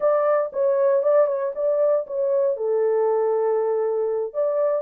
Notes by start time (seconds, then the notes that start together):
0.00 D5
0.52 C#5
1.02 D5
1.26 C#5
1.55 D5
2.06 C#5
2.56 A4
4.33 D5